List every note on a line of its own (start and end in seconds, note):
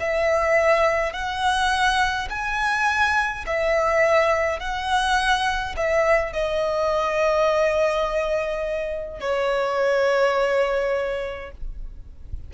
0.00 1.13 E5
1.13 2.28 F#5
2.30 3.45 G#5
3.46 4.60 E5
4.60 5.75 F#5
5.76 6.33 E5
6.33 9.20 D#5
9.20 11.51 C#5